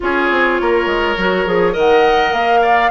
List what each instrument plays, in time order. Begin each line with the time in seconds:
0.00 bassoon C#4, clarinet F4, oboe G#4, flute C#5
0.30 bassoon C4
0.60 bassoon A#3, oboe A#4
0.86 bassoon G#3
1.17 bassoon F#3, clarinet F#4
1.46 bassoon F3, clarinet G#4
1.72 bassoon D#3, clarinet A#4, oboe D#5, flute F#5
2.32 bassoon A#3, flute F5
2.61 oboe D5